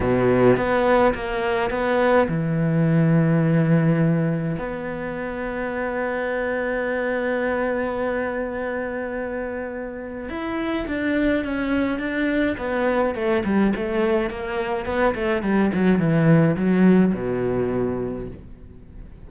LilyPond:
\new Staff \with { instrumentName = "cello" } { \time 4/4 \tempo 4 = 105 b,4 b4 ais4 b4 | e1 | b1~ | b1~ |
b2 e'4 d'4 | cis'4 d'4 b4 a8 g8 | a4 ais4 b8 a8 g8 fis8 | e4 fis4 b,2 | }